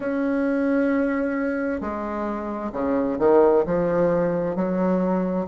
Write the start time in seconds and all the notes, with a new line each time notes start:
0.00 C#4
1.80 G#3
2.72 C#3
3.19 D#3
3.66 F3
4.55 F#3